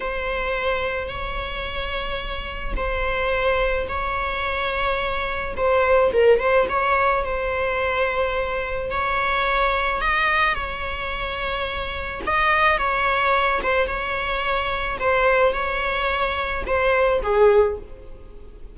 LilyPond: \new Staff \with { instrumentName = "viola" } { \time 4/4 \tempo 4 = 108 c''2 cis''2~ | cis''4 c''2 cis''4~ | cis''2 c''4 ais'8 c''8 | cis''4 c''2. |
cis''2 dis''4 cis''4~ | cis''2 dis''4 cis''4~ | cis''8 c''8 cis''2 c''4 | cis''2 c''4 gis'4 | }